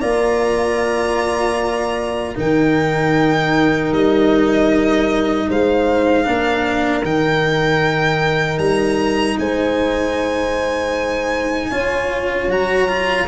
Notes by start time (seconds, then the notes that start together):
0.00 A#3 F4 D5 A#5
2.35 D#3 D#4 A#4 G5
3.91 G3 D#5
5.48 G#3 C5 F5
6.24 A#3 D4 A#4
7.03 D#3 D#4 G5
8.58 G3 A#5
9.39 G#3 C5 G#5
11.70 C#4 F4 C#5
12.48 F#3 F#4 A#5
12.88 F4